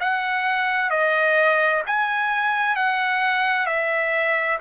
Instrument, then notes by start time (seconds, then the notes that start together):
trumpet
0.00 F#5
0.90 D#5
1.86 G#5
2.76 F#5
3.66 E5